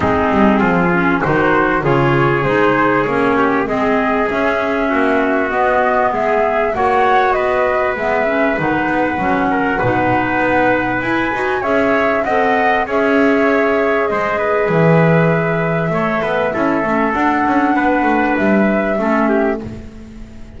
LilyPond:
<<
  \new Staff \with { instrumentName = "flute" } { \time 4/4 \tempo 4 = 98 gis'2 c''4 cis''4 | c''4 cis''4 dis''4 e''4~ | e''4 dis''4 e''4 fis''4 | dis''4 e''4 fis''2~ |
fis''2 gis''4 e''4 | fis''4 e''2 dis''4 | e''1 | fis''2 e''2 | }
  \new Staff \with { instrumentName = "trumpet" } { \time 4/4 dis'4 f'4 fis'4 gis'4~ | gis'4. g'8 gis'2 | fis'2 gis'4 cis''4 | b'2.~ b'8 ais'8 |
b'2. cis''4 | dis''4 cis''2 c''8 b'8~ | b'2 cis''8 b'8 a'4~ | a'4 b'2 a'8 g'8 | }
  \new Staff \with { instrumentName = "clarinet" } { \time 4/4 c'4. cis'8 dis'4 f'4 | dis'4 cis'4 c'4 cis'4~ | cis'4 b2 fis'4~ | fis'4 b8 cis'8 dis'4 cis'4 |
dis'2 e'8 fis'8 gis'4 | a'4 gis'2.~ | gis'2 a'4 e'8 cis'8 | d'2. cis'4 | }
  \new Staff \with { instrumentName = "double bass" } { \time 4/4 gis8 g8 f4 dis4 cis4 | gis4 ais4 gis4 cis'4 | ais4 b4 gis4 ais4 | b4 gis4 dis8 b8 fis4 |
b,4 b4 e'8 dis'8 cis'4 | c'4 cis'2 gis4 | e2 a8 b8 cis'8 a8 | d'8 cis'8 b8 a8 g4 a4 | }
>>